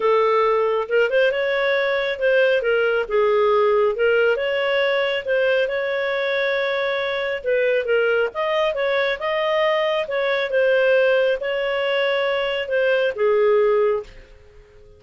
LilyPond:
\new Staff \with { instrumentName = "clarinet" } { \time 4/4 \tempo 4 = 137 a'2 ais'8 c''8 cis''4~ | cis''4 c''4 ais'4 gis'4~ | gis'4 ais'4 cis''2 | c''4 cis''2.~ |
cis''4 b'4 ais'4 dis''4 | cis''4 dis''2 cis''4 | c''2 cis''2~ | cis''4 c''4 gis'2 | }